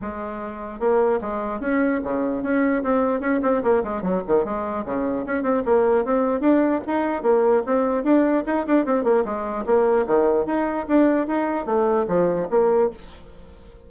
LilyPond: \new Staff \with { instrumentName = "bassoon" } { \time 4/4 \tempo 4 = 149 gis2 ais4 gis4 | cis'4 cis4 cis'4 c'4 | cis'8 c'8 ais8 gis8 fis8 dis8 gis4 | cis4 cis'8 c'8 ais4 c'4 |
d'4 dis'4 ais4 c'4 | d'4 dis'8 d'8 c'8 ais8 gis4 | ais4 dis4 dis'4 d'4 | dis'4 a4 f4 ais4 | }